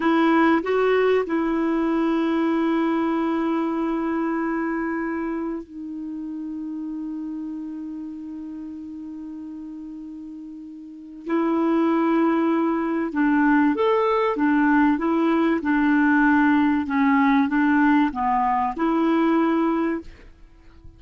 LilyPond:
\new Staff \with { instrumentName = "clarinet" } { \time 4/4 \tempo 4 = 96 e'4 fis'4 e'2~ | e'1~ | e'4 dis'2.~ | dis'1~ |
dis'2 e'2~ | e'4 d'4 a'4 d'4 | e'4 d'2 cis'4 | d'4 b4 e'2 | }